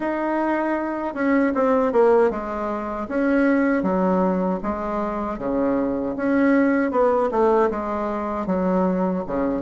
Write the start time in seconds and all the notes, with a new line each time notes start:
0.00 D#4
1.14 C#4
1.54 C4
1.92 A#3
2.30 G#3
3.08 C#4
3.83 F#3
4.63 G#3
5.38 C#3
6.16 C#4
6.91 B3
7.31 A3
7.70 G#3
8.46 F#3
9.27 C#3